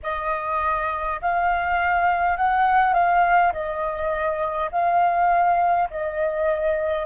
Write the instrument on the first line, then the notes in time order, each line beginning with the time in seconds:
flute
0.02 D#5
1.21 F5
2.36 F#5
2.93 F5
3.52 D#5
4.71 F5
5.90 D#5